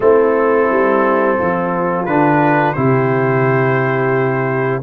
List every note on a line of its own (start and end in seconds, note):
0.00 0.68 A3
0.00 2.07 C4
0.00 1.37 E4
0.00 2.05 A4
0.70 1.39 G3
1.37 2.06 F3
1.37 2.75 F4
2.05 2.75 D3
2.05 2.75 D4
2.05 2.73 B4
2.73 4.82 C3
2.73 4.82 E4
2.73 4.82 G4
2.73 4.80 C5